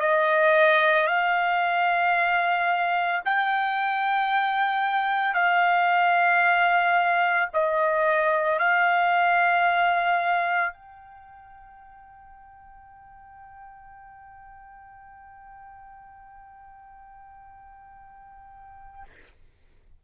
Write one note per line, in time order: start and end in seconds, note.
0.00 1.07 D#5
1.07 3.21 F5
3.25 5.34 G5
5.34 7.49 F5
7.53 8.59 D#5
8.59 10.73 F5
10.73 19.04 G5